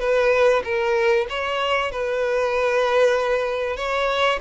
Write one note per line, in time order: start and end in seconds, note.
0.00 0.62 B4
0.64 1.27 A#4
1.30 1.91 C#5
1.91 3.77 B4
3.77 4.39 C#5